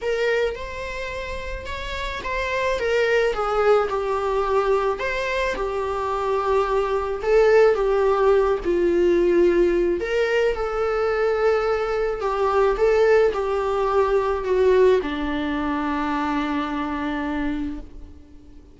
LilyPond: \new Staff \with { instrumentName = "viola" } { \time 4/4 \tempo 4 = 108 ais'4 c''2 cis''4 | c''4 ais'4 gis'4 g'4~ | g'4 c''4 g'2~ | g'4 a'4 g'4. f'8~ |
f'2 ais'4 a'4~ | a'2 g'4 a'4 | g'2 fis'4 d'4~ | d'1 | }